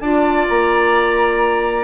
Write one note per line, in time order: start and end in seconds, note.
0.00 0.47 D4
0.00 1.85 F4
0.00 1.85 D5
0.00 0.46 A5
0.49 1.85 A#3
0.49 1.85 A#5